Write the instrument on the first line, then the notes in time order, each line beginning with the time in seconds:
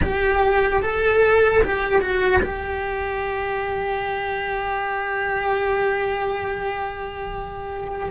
cello
0.02 G4
0.82 A4
1.63 G4
2.00 F#4
2.42 G4